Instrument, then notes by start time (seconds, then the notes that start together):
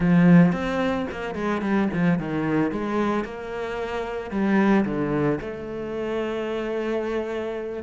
cello
0.00 F3
0.52 C4
1.11 A#3
1.35 G#3
1.61 G3
1.93 F3
2.18 D#3
2.71 G#3
3.24 A#3
4.30 G3
4.85 D3
5.41 A3